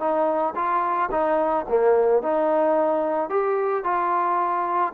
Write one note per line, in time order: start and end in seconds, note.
0.00 0.55 D#4
0.55 1.10 F4
1.12 1.66 D#4
1.69 2.23 A#3
2.23 3.30 D#4
3.30 3.84 G4
3.84 4.93 F4